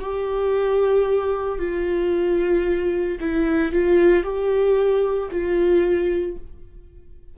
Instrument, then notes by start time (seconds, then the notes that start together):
viola
0.00 G4
1.59 F4
3.21 E4
3.73 F4
4.24 G4
5.31 F4